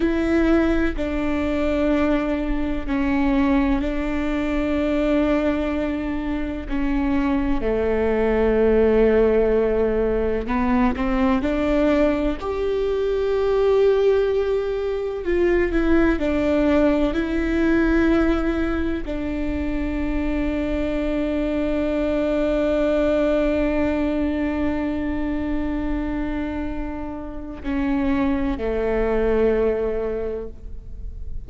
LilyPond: \new Staff \with { instrumentName = "viola" } { \time 4/4 \tempo 4 = 63 e'4 d'2 cis'4 | d'2. cis'4 | a2. b8 c'8 | d'4 g'2. |
f'8 e'8 d'4 e'2 | d'1~ | d'1~ | d'4 cis'4 a2 | }